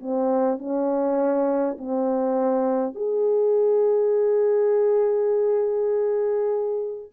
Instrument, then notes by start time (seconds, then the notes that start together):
horn
0.00 C4
0.59 C#4
1.78 C4
2.95 G#4